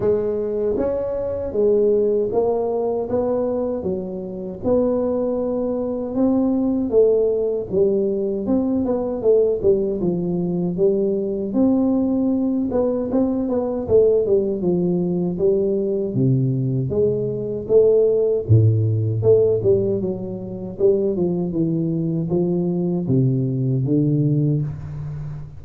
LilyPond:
\new Staff \with { instrumentName = "tuba" } { \time 4/4 \tempo 4 = 78 gis4 cis'4 gis4 ais4 | b4 fis4 b2 | c'4 a4 g4 c'8 b8 | a8 g8 f4 g4 c'4~ |
c'8 b8 c'8 b8 a8 g8 f4 | g4 c4 gis4 a4 | a,4 a8 g8 fis4 g8 f8 | e4 f4 c4 d4 | }